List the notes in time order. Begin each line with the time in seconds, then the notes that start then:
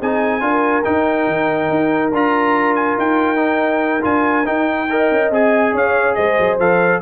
0.00 C4 D#4 G#4 G#5
0.40 D4 F4 A#4
0.84 D#4 G5
1.27 D#3
1.70 D#4
2.11 D4 F4 A#5
2.75 G#5
2.97 D#4 G5
3.36 D#4
4.01 D4 F4 G#5
4.45 D#4 G5
4.90 A#4 D#5
5.11 C#4
5.30 C4 G#4 G#5
5.73 C#4 C#5 F5
6.14 G#3 C5 D#5
6.39 F#3
6.58 F3 A4 F5